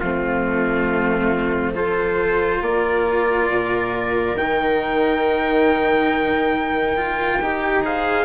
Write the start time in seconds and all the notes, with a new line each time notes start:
0.00 F3 A3 C4 F4
1.74 F4 A4 C5
2.62 A#3 A#4 D5
3.50 A#2
4.34 D#3 D#4 G5
6.97 F4
7.41 D#4 G4
7.83 G#4 C5 F5